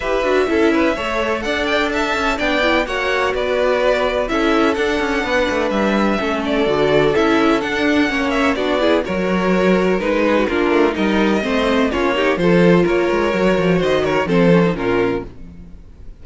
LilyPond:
<<
  \new Staff \with { instrumentName = "violin" } { \time 4/4 \tempo 4 = 126 e''2. fis''8 g''8 | a''4 g''4 fis''4 d''4~ | d''4 e''4 fis''2 | e''4. d''4. e''4 |
fis''4. e''8 d''4 cis''4~ | cis''4 b'4 ais'4 dis''4~ | dis''4 cis''4 c''4 cis''4~ | cis''4 dis''8 cis''8 c''4 ais'4 | }
  \new Staff \with { instrumentName = "violin" } { \time 4/4 b'4 a'8 b'8 cis''4 d''4 | e''4 d''4 cis''4 b'4~ | b'4 a'2 b'4~ | b'4 a'2.~ |
a'4 cis''4 fis'8 gis'8 ais'4~ | ais'4. gis'16 fis'16 f'4 ais'4 | c''4 f'8 g'8 a'4 ais'4~ | ais'4 c''8 ais'8 a'4 f'4 | }
  \new Staff \with { instrumentName = "viola" } { \time 4/4 g'8 fis'8 e'4 a'2~ | a'4 d'8 e'8 fis'2~ | fis'4 e'4 d'2~ | d'4 cis'4 fis'4 e'4 |
d'4 cis'4 d'8 e'8 fis'4~ | fis'4 dis'4 d'4 dis'4 | c'4 cis'8 dis'8 f'2 | fis'2 c'8 cis'16 dis'16 cis'4 | }
  \new Staff \with { instrumentName = "cello" } { \time 4/4 e'8 d'8 cis'4 a4 d'4~ | d'8 cis'8 b4 ais4 b4~ | b4 cis'4 d'8 cis'8 b8 a8 | g4 a4 d4 cis'4 |
d'4 ais4 b4 fis4~ | fis4 gis4 ais8 a8 g4 | a4 ais4 f4 ais8 gis8 | fis8 f8 dis4 f4 ais,4 | }
>>